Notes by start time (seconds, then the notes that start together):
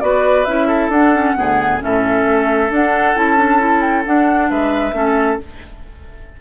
0.00 B3 F#4 B4 D5
0.44 C#4 E4 E5
0.67 A4
0.89 D4 F#5
1.14 C#4
1.36 D2 B3 G#4
1.80 A2 C#4 A4 E5
2.25 A3
2.70 D4 F#5
3.15 C#4 E4 A5
3.37 D4
3.59 E4
3.81 G5
4.06 D4 F#5
4.50 G#3 B4 E5
4.92 A3 C#4 A4